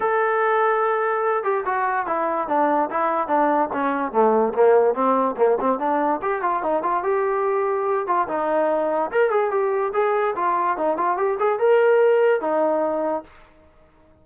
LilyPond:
\new Staff \with { instrumentName = "trombone" } { \time 4/4 \tempo 4 = 145 a'2.~ a'8 g'8 | fis'4 e'4 d'4 e'4 | d'4 cis'4 a4 ais4 | c'4 ais8 c'8 d'4 g'8 f'8 |
dis'8 f'8 g'2~ g'8 f'8 | dis'2 ais'8 gis'8 g'4 | gis'4 f'4 dis'8 f'8 g'8 gis'8 | ais'2 dis'2 | }